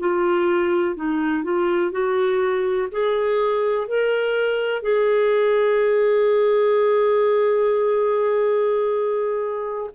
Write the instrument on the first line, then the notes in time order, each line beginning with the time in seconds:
clarinet
0.00 F4
0.96 D#4
1.44 F4
1.92 F#4
2.92 G#4
3.88 A#4
4.83 G#4